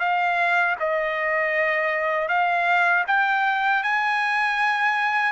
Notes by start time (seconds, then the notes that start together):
0.00 F5
0.80 D#5
2.29 F5
3.07 G5
3.83 G#5